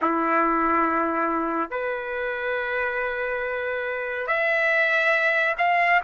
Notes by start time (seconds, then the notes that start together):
0.01 E4
1.70 B4
4.27 E5
5.58 F5